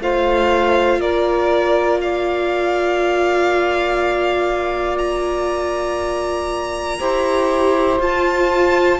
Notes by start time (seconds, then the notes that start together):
0.00 A3 F4 C5 F5
0.99 A#3 A#4 D5
2.00 D5 F5
4.98 A#5
6.99 E4 G4 C5
7.99 F4 A5